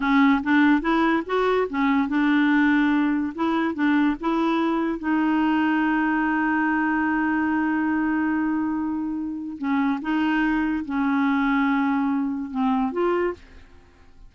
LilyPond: \new Staff \with { instrumentName = "clarinet" } { \time 4/4 \tempo 4 = 144 cis'4 d'4 e'4 fis'4 | cis'4 d'2. | e'4 d'4 e'2 | dis'1~ |
dis'1~ | dis'2. cis'4 | dis'2 cis'2~ | cis'2 c'4 f'4 | }